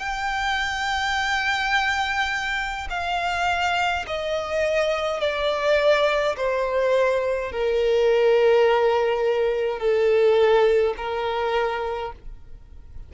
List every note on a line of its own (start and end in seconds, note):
0.00 2.88 G5
2.90 4.05 F5
4.08 5.21 D#5
5.21 6.36 D5
6.37 7.52 C5
7.52 9.79 A#4
9.79 10.95 A4
10.97 12.13 A#4